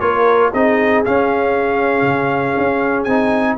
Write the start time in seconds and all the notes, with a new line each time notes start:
0.00 A#3 F4 A#4 C#5
0.53 C4 D#4 G#4 D#5
1.05 C#4 F5
2.02 C#3
2.57 C#4
3.04 C4 D#4 G#5